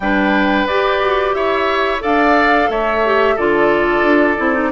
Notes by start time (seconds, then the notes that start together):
0.00 G3 D4 B4 G5
0.67 G4 D5
1.01 F#4
1.34 E4 C#5 E5
1.99 D4 A4 D5 F5
2.69 A3 C#5 E5
3.05 G4
3.35 D3 F4 A4 D5
4.02 D4
4.37 C4 E4
4.54 D#4